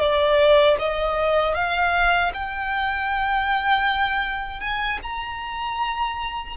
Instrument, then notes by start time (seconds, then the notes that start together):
violin
0.00 D5
0.79 D#5
1.55 F5
2.34 G5
4.60 G#5
5.03 A#5